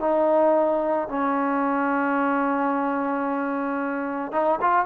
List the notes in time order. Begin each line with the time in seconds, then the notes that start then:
0.00 D#4
1.08 C#4
4.32 D#4
4.61 F4